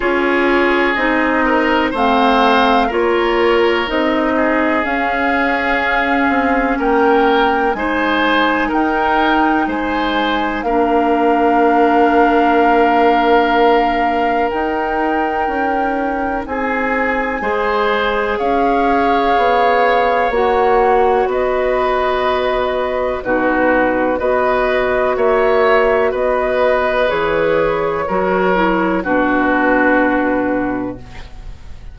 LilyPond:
<<
  \new Staff \with { instrumentName = "flute" } { \time 4/4 \tempo 4 = 62 cis''4 dis''4 f''4 cis''4 | dis''4 f''2 g''4 | gis''4 g''4 gis''4 f''4~ | f''2. g''4~ |
g''4 gis''2 f''4~ | f''4 fis''4 dis''2 | b'4 dis''4 e''4 dis''4 | cis''2 b'2 | }
  \new Staff \with { instrumentName = "oboe" } { \time 4/4 gis'4. ais'8 c''4 ais'4~ | ais'8 gis'2~ gis'8 ais'4 | c''4 ais'4 c''4 ais'4~ | ais'1~ |
ais'4 gis'4 c''4 cis''4~ | cis''2 b'2 | fis'4 b'4 cis''4 b'4~ | b'4 ais'4 fis'2 | }
  \new Staff \with { instrumentName = "clarinet" } { \time 4/4 f'4 dis'4 c'4 f'4 | dis'4 cis'2. | dis'2. d'4~ | d'2. dis'4~ |
dis'2 gis'2~ | gis'4 fis'2. | dis'4 fis'2. | gis'4 fis'8 e'8 d'2 | }
  \new Staff \with { instrumentName = "bassoon" } { \time 4/4 cis'4 c'4 a4 ais4 | c'4 cis'4. c'8 ais4 | gis4 dis'4 gis4 ais4~ | ais2. dis'4 |
cis'4 c'4 gis4 cis'4 | b4 ais4 b2 | b,4 b4 ais4 b4 | e4 fis4 b,2 | }
>>